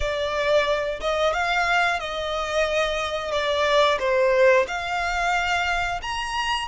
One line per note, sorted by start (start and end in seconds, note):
0.00 0.99 D5
1.00 1.33 D#5
1.33 1.99 F5
1.99 3.31 D#5
3.31 3.98 D5
3.99 4.65 C5
4.67 6.00 F5
6.02 6.68 A#5